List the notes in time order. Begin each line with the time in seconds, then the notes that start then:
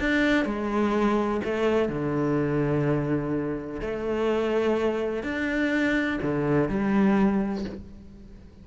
0.00 D4
0.45 G#3
1.45 A3
1.89 D3
3.81 A3
5.23 D4
6.22 D3
6.69 G3